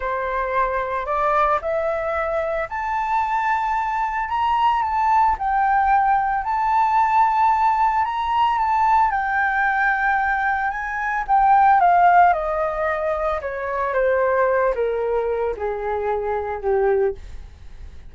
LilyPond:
\new Staff \with { instrumentName = "flute" } { \time 4/4 \tempo 4 = 112 c''2 d''4 e''4~ | e''4 a''2. | ais''4 a''4 g''2 | a''2. ais''4 |
a''4 g''2. | gis''4 g''4 f''4 dis''4~ | dis''4 cis''4 c''4. ais'8~ | ais'4 gis'2 g'4 | }